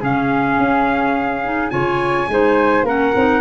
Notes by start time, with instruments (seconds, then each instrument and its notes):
0.00 tuba C#3, clarinet C#4, flute G#4, trumpet F5
0.58 tuba C#4
1.44 clarinet D#4
1.70 tuba C#3, clarinet F4, flute C#5, trumpet G#5
2.28 tuba G#3, clarinet D#4, flute C5
2.83 tuba A#3, clarinet C#4, flute A#4, trumpet F#5
3.15 tuba C4, clarinet D#4